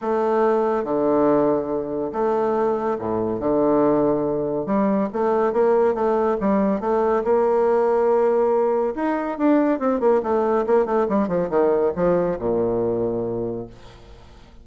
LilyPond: \new Staff \with { instrumentName = "bassoon" } { \time 4/4 \tempo 4 = 141 a2 d2~ | d4 a2 a,4 | d2. g4 | a4 ais4 a4 g4 |
a4 ais2.~ | ais4 dis'4 d'4 c'8 ais8 | a4 ais8 a8 g8 f8 dis4 | f4 ais,2. | }